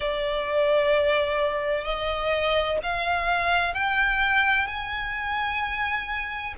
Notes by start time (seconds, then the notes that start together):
0.00 D5
1.84 D#5
2.83 F5
3.74 G5
4.67 G#5